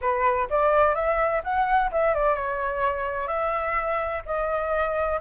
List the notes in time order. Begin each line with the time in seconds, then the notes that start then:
0.01 B4
0.50 D5
0.94 E5
1.43 F#5
1.91 E5
2.14 D5
2.35 C#5
3.27 E5
4.25 D#5